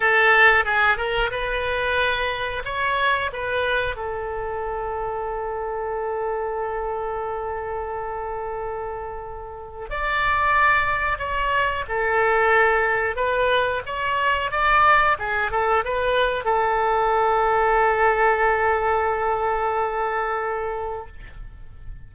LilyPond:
\new Staff \with { instrumentName = "oboe" } { \time 4/4 \tempo 4 = 91 a'4 gis'8 ais'8 b'2 | cis''4 b'4 a'2~ | a'1~ | a'2. d''4~ |
d''4 cis''4 a'2 | b'4 cis''4 d''4 gis'8 a'8 | b'4 a'2.~ | a'1 | }